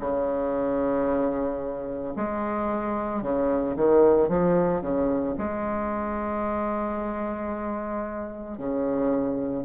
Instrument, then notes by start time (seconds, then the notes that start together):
bassoon
0.00 C#3
2.17 G#3
3.22 C#3
3.76 D#3
4.29 F3
4.82 C#3
5.38 G#3
8.58 C#3